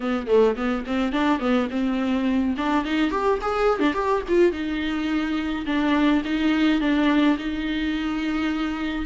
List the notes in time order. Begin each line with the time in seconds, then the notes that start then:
0.00 B3
0.27 A3
0.56 B3
0.86 C4
1.12 D4
1.39 B3
1.70 C4
2.57 D4
2.84 D#4
3.10 G4
3.41 G#4
3.79 D4
3.93 G4
4.28 F4
4.52 D#4
5.66 D4
6.24 D#4
6.80 D4
7.37 D#4